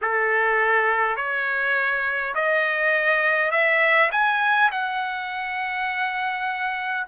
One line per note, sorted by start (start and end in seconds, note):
0.01 1.16 A4
1.16 2.34 C#5
2.34 3.51 D#5
3.51 4.10 E5
4.11 4.70 G#5
4.71 7.06 F#5